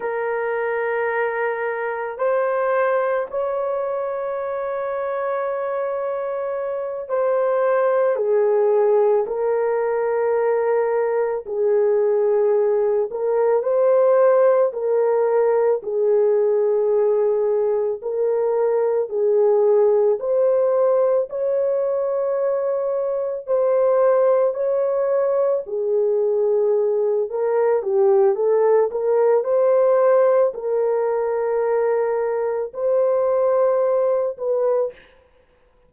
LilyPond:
\new Staff \with { instrumentName = "horn" } { \time 4/4 \tempo 4 = 55 ais'2 c''4 cis''4~ | cis''2~ cis''8 c''4 gis'8~ | gis'8 ais'2 gis'4. | ais'8 c''4 ais'4 gis'4.~ |
gis'8 ais'4 gis'4 c''4 cis''8~ | cis''4. c''4 cis''4 gis'8~ | gis'4 ais'8 g'8 a'8 ais'8 c''4 | ais'2 c''4. b'8 | }